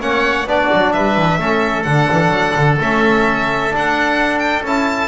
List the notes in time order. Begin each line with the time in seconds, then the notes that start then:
0.00 A#3 C#4 C#5 F#5
0.46 B3 D4 F#4 D5
0.73 F#3
0.93 G3 B4 E5
1.17 E3
1.38 A3 C#4 A4
1.83 D3 D4 F#5
2.12 E3
2.29 F#3
2.56 D3
2.81 A3 C#4 E5
3.71 D4 F#5
4.39 G5
4.63 C#4 E4 A5